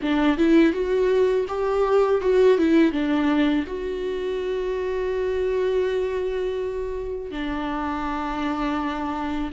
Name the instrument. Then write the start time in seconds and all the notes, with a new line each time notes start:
viola
0.02 D4
0.37 E4
0.73 F#4
1.48 G4
2.21 F#4
2.57 E4
2.92 D4
3.67 F#4
7.31 D4